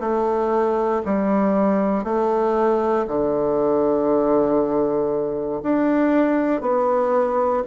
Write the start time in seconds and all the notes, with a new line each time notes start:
0.00 A3
1.05 G3
2.04 A3
3.07 D3
5.63 D4
6.61 B3